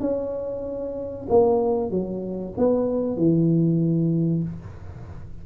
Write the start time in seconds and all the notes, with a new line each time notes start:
0.00 C#4
1.29 A#3
1.90 F#3
2.57 B3
3.17 E3